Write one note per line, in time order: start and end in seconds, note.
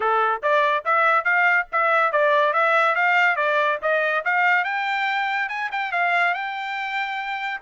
0.00 0.42 A4
0.42 0.84 D5
0.85 1.24 E5
1.24 1.66 F5
1.72 2.12 E5
2.12 2.53 D5
2.53 2.95 E5
2.95 3.36 F5
3.36 3.78 D5
3.81 4.24 D#5
4.24 4.64 F5
4.64 5.49 G5
5.49 5.70 G#5
5.71 5.92 G5
5.92 6.34 F5
6.34 7.61 G5